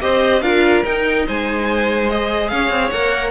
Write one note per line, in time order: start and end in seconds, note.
0.00 0.41 C4
0.00 0.42 G4
0.00 0.42 C5
0.00 0.41 D#5
0.41 0.83 D4
0.41 0.84 F4
0.41 1.26 A#4
0.41 0.83 F5
0.84 2.09 D#4
0.84 1.27 D#4
0.84 1.26 G5
1.26 2.52 G#3
1.26 2.51 C5
1.26 2.10 G#5
2.10 2.93 G#4
2.10 2.48 D#5
2.48 2.69 C#4
2.48 3.30 C#5
2.48 2.90 F5
2.69 2.90 C4
2.90 3.30 A#3
2.90 3.30 A#4
2.90 3.30 F#5